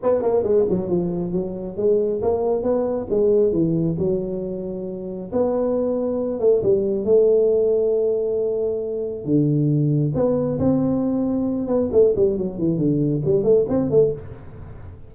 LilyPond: \new Staff \with { instrumentName = "tuba" } { \time 4/4 \tempo 4 = 136 b8 ais8 gis8 fis8 f4 fis4 | gis4 ais4 b4 gis4 | e4 fis2. | b2~ b8 a8 g4 |
a1~ | a4 d2 b4 | c'2~ c'8 b8 a8 g8 | fis8 e8 d4 g8 a8 c'8 a8 | }